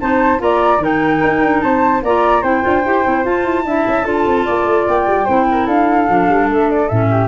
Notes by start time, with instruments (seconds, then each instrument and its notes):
0.00 tuba C4, clarinet D#4, flute C5 A5
0.38 tuba A#3, clarinet F4, flute D5 A#5
0.78 tuba D#3, clarinet D#4, flute A#4 G5
1.23 tuba D#4
1.42 tuba D4
1.61 tuba C4, flute C5 A5
2.03 tuba A#3, clarinet F4, flute D5 A#5
2.42 tuba C4, clarinet E4, flute C5 G5
2.62 tuba D4, clarinet F4
2.85 tuba E4, clarinet G4
3.04 tuba C4, clarinet E4
3.24 clarinet F4, tuba F4, flute A5
3.45 tuba E4
3.65 tuba D4, clarinet E4, flute E5
3.87 tuba C#4
4.05 tuba D4, clarinet F4, flute A4
4.26 tuba C4
4.45 tuba A#3, flute D5
4.66 tuba A3
4.88 tuba A#3, flute G5
5.07 tuba G3
5.25 tuba C4, clarinet E4, flute C5
5.51 flute A#4
5.66 tuba D4, flute A4 F5
6.08 tuba F3, clarinet D4
6.28 tuba G3
6.49 tuba A3, flute E5
6.70 flute D5
6.89 tuba A2, clarinet C#4, flute E5
7.10 flute G4